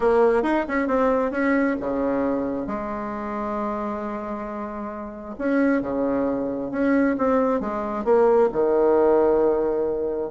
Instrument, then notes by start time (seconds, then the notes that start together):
bassoon
0.00 A#3
0.42 D#4
0.68 C#4
0.87 C4
1.31 C#4
1.80 C#3
2.66 G#3
5.38 C#4
5.81 C#3
6.71 C#4
7.18 C4
7.60 G#3
8.04 A#3
8.52 D#3